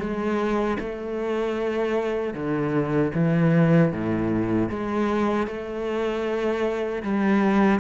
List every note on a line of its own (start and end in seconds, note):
0.00 0.78 G#3
0.80 2.34 A3
2.34 3.12 D3
3.15 3.92 E3
3.92 4.70 A2
4.70 5.48 G#3
5.48 7.03 A3
7.03 7.81 G3